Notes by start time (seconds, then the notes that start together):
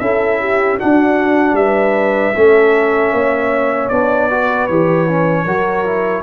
0.00 C#4 E4 A4 E5
0.40 G4
0.79 D4 F#4 F#5
1.53 G3 B4 E5
2.36 A3 C#4 A4
3.12 A#3 C#5
3.89 B3 D4 D5
4.30 F#4 B4
4.67 E3 G4 C#5
5.08 C#4
5.44 F#3 F#4 A#4
5.86 E4